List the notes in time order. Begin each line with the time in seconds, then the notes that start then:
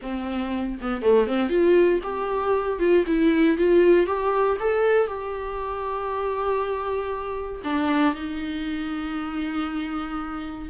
0.02 C4
0.81 B3
1.02 A3
1.27 C4
1.49 F4
2.03 G4
2.79 F4
3.06 E4
3.57 F4
4.06 G4
4.60 A4
5.07 G4
7.64 D4
8.14 D#4